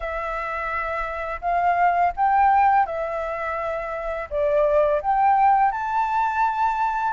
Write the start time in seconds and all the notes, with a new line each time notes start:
0.00 E5
1.41 F5
2.16 G5
2.86 E5
4.30 D5
5.01 G5
5.71 A5